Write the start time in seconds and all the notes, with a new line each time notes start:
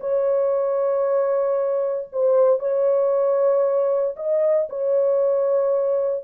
0.00 C#5
2.12 C5
2.59 C#5
4.16 D#5
4.70 C#5